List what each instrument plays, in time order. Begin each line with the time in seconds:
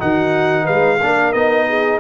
0.00 tuba D#3, trombone D#4, horn F#4, trumpet F#5
0.64 tuba G#3, horn B4, trumpet F5
1.01 tuba A#3, trombone D4, horn A#4
1.33 tuba B3, trombone D#4, trumpet D#5
1.69 horn G#4